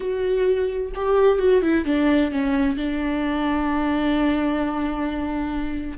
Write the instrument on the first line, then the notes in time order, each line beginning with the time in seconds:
viola
0.00 F#4
0.94 G4
1.38 F#4
1.62 E4
1.85 D4
2.31 C#4
2.77 D4